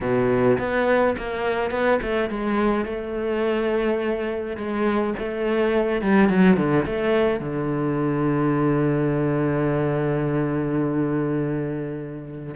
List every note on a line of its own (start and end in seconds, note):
0.01 0.58 B2
0.58 1.16 B3
1.17 1.71 A#3
1.71 1.99 B3
2.02 2.29 A3
2.29 2.85 G#3
2.85 4.56 A3
4.57 5.14 G#3
5.18 6.01 A3
6.01 6.28 G3
6.28 6.56 F#3
6.56 6.85 D3
6.85 7.39 A3
7.39 12.54 D3